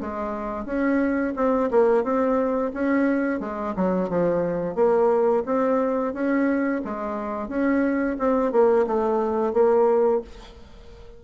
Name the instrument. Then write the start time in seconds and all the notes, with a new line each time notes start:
bassoon
0.00 G#3
0.65 C#4
1.35 C4
1.70 A#3
2.03 C4
2.73 C#4
3.40 G#3
3.76 F#3
4.09 F3
4.75 A#3
5.45 C4
6.13 C#4
6.84 G#3
7.48 C#4
8.18 C4
8.52 A#3
8.87 A3
9.53 A#3